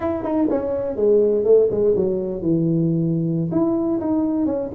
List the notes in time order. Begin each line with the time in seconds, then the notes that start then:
0.00 E4
0.23 D#4
0.49 C#4
0.95 G#3
1.44 A3
1.70 G#3
1.96 F#3
2.41 E3
3.51 E4
4.00 D#4
4.45 C#4